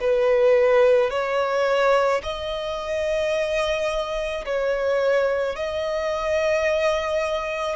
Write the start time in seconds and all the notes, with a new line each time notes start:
0.00 B4
1.10 C#5
2.23 D#5
4.45 C#5
5.56 D#5